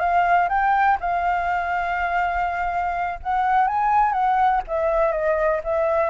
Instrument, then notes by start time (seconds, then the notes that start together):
flute
0.00 F5
0.49 G5
1.00 F5
3.23 F#5
3.68 G#5
4.13 F#5
4.67 E5
5.12 D#5
5.64 E5